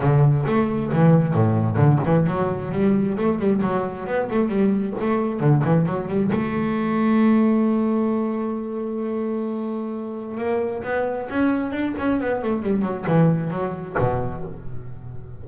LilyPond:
\new Staff \with { instrumentName = "double bass" } { \time 4/4 \tempo 4 = 133 d4 a4 e4 a,4 | d8 e8 fis4 g4 a8 g8 | fis4 b8 a8 g4 a4 | d8 e8 fis8 g8 a2~ |
a1~ | a2. ais4 | b4 cis'4 d'8 cis'8 b8 a8 | g8 fis8 e4 fis4 b,4 | }